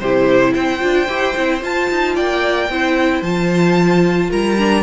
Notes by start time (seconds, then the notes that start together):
0.00 C3 E4 G4 C5
0.53 C4 C5 G5
0.80 D4 F4
1.09 E4 G4
1.36 C4 E4
1.61 F4 A5
1.90 D#4
2.15 A#3 D5 G5
2.70 C4 E4 C5
3.22 F3 F4 A5
4.30 G3 A#4 A#5
4.58 D4